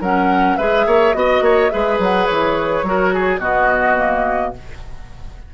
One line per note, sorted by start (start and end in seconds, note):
0.00 0.57 F#3
0.00 0.59 C#4
0.00 0.57 A#4
0.00 0.57 F#5
0.57 0.86 G#3
0.57 1.14 G#4
0.57 0.86 B4
0.57 1.13 E5
0.86 1.14 A#3
0.86 1.15 C#5
1.13 1.41 B3
1.13 1.70 F#4
1.13 1.70 D#5
1.13 1.44 D#5
1.41 1.69 A#3
1.41 1.72 C#5
1.70 1.98 G#3
1.70 2.84 G#4
1.70 2.86 B4
1.70 1.98 E5
1.98 2.27 F#3
1.98 2.26 F#5
2.26 2.83 E3
2.26 3.39 C#5
2.83 3.39 F#3
2.83 3.40 F#4
2.83 3.14 A#4
3.14 3.40 G#4
3.40 4.54 B2
3.40 3.96 B3
3.40 4.53 F#4
3.40 4.53 D#5
3.96 4.53 A#3